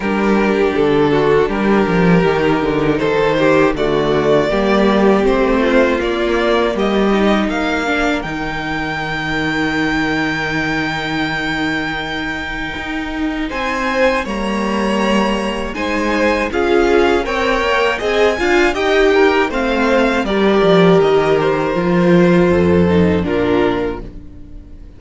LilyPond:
<<
  \new Staff \with { instrumentName = "violin" } { \time 4/4 \tempo 4 = 80 ais'4 a'4 ais'2 | c''4 d''2 c''4 | d''4 dis''4 f''4 g''4~ | g''1~ |
g''2 gis''4 ais''4~ | ais''4 gis''4 f''4 g''4 | gis''4 g''4 f''4 d''4 | dis''8 c''2~ c''8 ais'4 | }
  \new Staff \with { instrumentName = "violin" } { \time 4/4 g'4. fis'8 g'2 | a'8 g'8 fis'4 g'4. f'8~ | f'4 g'4 ais'2~ | ais'1~ |
ais'2 c''4 cis''4~ | cis''4 c''4 gis'4 cis''4 | dis''8 f''8 dis''8 ais'8 c''4 ais'4~ | ais'2 a'4 f'4 | }
  \new Staff \with { instrumentName = "viola" } { \time 4/4 d'2. dis'4~ | dis'4 a4 ais4 c'4 | ais4. dis'4 d'8 dis'4~ | dis'1~ |
dis'2. ais4~ | ais4 dis'4 f'4 ais'4 | gis'8 f'8 g'4 c'4 g'4~ | g'4 f'4. dis'8 d'4 | }
  \new Staff \with { instrumentName = "cello" } { \time 4/4 g4 d4 g8 f8 dis8 d8 | dis4 d4 g4 a4 | ais4 g4 ais4 dis4~ | dis1~ |
dis4 dis'4 c'4 g4~ | g4 gis4 cis'4 c'8 ais8 | c'8 d'8 dis'4 a4 g8 f8 | dis4 f4 f,4 ais,4 | }
>>